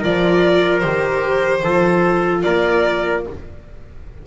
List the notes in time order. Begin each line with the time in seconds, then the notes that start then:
0.00 F3 F4 A#4 D5
0.79 D#3 G4 C5
1.64 F3 F4 A4
2.42 A#3 A#4 D5